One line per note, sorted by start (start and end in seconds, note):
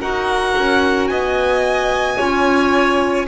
0.00 0.55 D#4
0.00 2.17 F#4
0.00 1.09 A#4
0.00 1.07 F#5
0.57 1.09 C#4
1.07 2.18 B3
1.07 2.17 D#5
1.07 3.25 G#5
2.17 3.27 C#4
2.17 3.26 F4
2.17 3.26 C#5